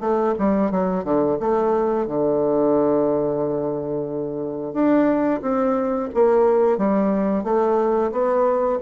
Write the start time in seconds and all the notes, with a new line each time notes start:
0.00 A3
0.38 G3
0.71 F#3
1.04 D3
1.39 A3
2.07 D3
4.73 D4
5.41 C4
6.13 A#3
6.77 G3
7.43 A3
8.11 B3